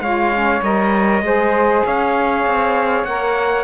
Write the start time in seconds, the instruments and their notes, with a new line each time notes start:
0.00 cello G#3, saxophone F4, flute C#5, trumpet F5
0.32 saxophone C#4
0.61 cello G3, saxophone A#4, trumpet D#5
1.21 cello G#3, saxophone G#4, flute C5
1.85 cello C#4, flute C#5, trumpet F5
2.46 cello C4
3.04 cello A#3, saxophone A#4, trumpet F#5